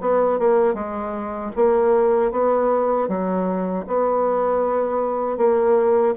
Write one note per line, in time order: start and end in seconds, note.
0.00 0.38 B3
0.38 0.74 A#3
0.74 1.51 G#3
1.55 2.31 A#3
2.31 3.08 B3
3.08 3.85 F#3
3.87 5.37 B3
5.37 6.14 A#3